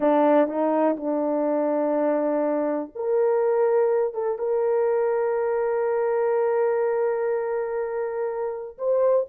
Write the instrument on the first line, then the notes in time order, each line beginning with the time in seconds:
horn
0.00 D4
0.47 D#4
0.96 D4
2.95 A#4
4.13 A4
4.38 A#4
8.78 C5